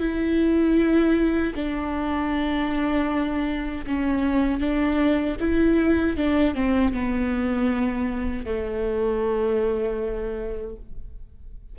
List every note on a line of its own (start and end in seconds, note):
0.00 1.54 E4
1.55 3.86 D4
3.87 4.60 C#4
4.60 5.37 D4
5.40 6.17 E4
6.17 6.55 D4
6.55 6.94 C4
6.94 8.46 B3
8.46 10.77 A3